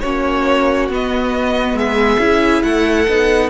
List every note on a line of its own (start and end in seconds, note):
0.00 0.89 A#3
0.00 0.90 C#4
0.00 1.77 F#4
0.00 0.87 C#5
0.89 1.73 B3
0.89 2.20 B3
0.89 1.78 D#5
1.73 2.17 G#3
1.73 2.64 G#4
1.73 2.63 E5
2.19 2.62 C#4
2.19 3.07 E4
2.63 3.07 A3
2.63 3.50 A4
2.63 3.50 F#5
3.08 3.50 B3
3.08 3.50 D#4